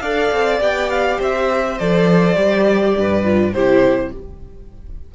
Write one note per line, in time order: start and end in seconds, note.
0.00 0.30 D4
0.00 0.59 A4
0.00 1.19 D5
0.00 0.59 F5
0.32 0.61 C4
0.59 1.20 B3
0.59 1.77 G4
0.59 0.90 G5
0.90 1.19 F5
1.19 1.79 C4
1.19 2.95 C5
1.19 1.78 E5
1.78 2.36 F3
1.78 2.35 A4
1.78 3.53 D5
2.35 2.95 G3
2.35 3.24 G4
2.97 3.54 G2
2.97 3.54 B4
3.24 3.53 F4
3.53 4.13 C3
3.53 4.15 E4
3.53 4.13 G4
3.53 4.12 C5